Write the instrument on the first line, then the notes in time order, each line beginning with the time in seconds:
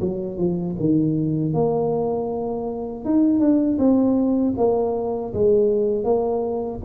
tuba
0.00 F#3
0.38 F3
0.80 D#3
1.54 A#3
3.05 D#4
3.40 D4
3.78 C4
4.57 A#3
5.34 G#3
6.04 A#3